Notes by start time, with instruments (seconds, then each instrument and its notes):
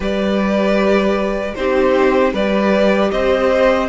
0.00 cello G3, viola G4, violin B4 D5
1.54 cello C4, viola D#4, violin G4 C5
2.33 cello G3, viola G4, violin B4 D5
3.11 cello C4, violin C5 D#5